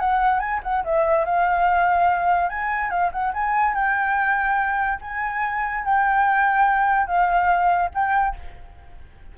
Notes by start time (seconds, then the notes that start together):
0.00 F#5
0.40 G#5
0.63 F#5
0.85 E5
1.26 F5
2.50 G#5
2.90 F5
3.12 F#5
3.34 G#5
3.75 G5
5.02 G#5
5.85 G5
7.07 F5
7.94 G5